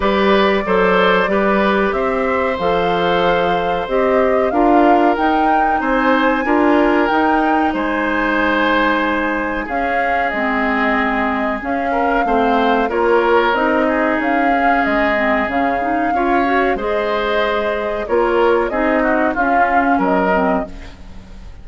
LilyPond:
<<
  \new Staff \with { instrumentName = "flute" } { \time 4/4 \tempo 4 = 93 d''2. e''4 | f''2 dis''4 f''4 | g''4 gis''2 g''4 | gis''2. f''4 |
dis''2 f''2 | cis''4 dis''4 f''4 dis''4 | f''2 dis''2 | cis''4 dis''4 f''4 dis''4 | }
  \new Staff \with { instrumentName = "oboe" } { \time 4/4 b'4 c''4 b'4 c''4~ | c''2. ais'4~ | ais'4 c''4 ais'2 | c''2. gis'4~ |
gis'2~ gis'8 ais'8 c''4 | ais'4. gis'2~ gis'8~ | gis'4 cis''4 c''2 | ais'4 gis'8 fis'8 f'4 ais'4 | }
  \new Staff \with { instrumentName = "clarinet" } { \time 4/4 g'4 a'4 g'2 | a'2 g'4 f'4 | dis'2 f'4 dis'4~ | dis'2. cis'4 |
c'2 cis'4 c'4 | f'4 dis'4. cis'4 c'8 | cis'8 dis'8 f'8 fis'8 gis'2 | f'4 dis'4 cis'4. c'8 | }
  \new Staff \with { instrumentName = "bassoon" } { \time 4/4 g4 fis4 g4 c'4 | f2 c'4 d'4 | dis'4 c'4 d'4 dis'4 | gis2. cis'4 |
gis2 cis'4 a4 | ais4 c'4 cis'4 gis4 | cis4 cis'4 gis2 | ais4 c'4 cis'4 fis4 | }
>>